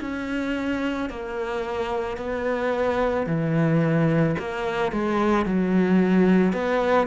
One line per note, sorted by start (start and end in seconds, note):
0.00 1.09 C#4
1.10 2.17 A#3
2.17 3.26 B3
3.26 4.35 E3
4.38 4.91 A#3
4.91 5.45 G#3
5.45 6.53 F#3
6.53 7.07 B3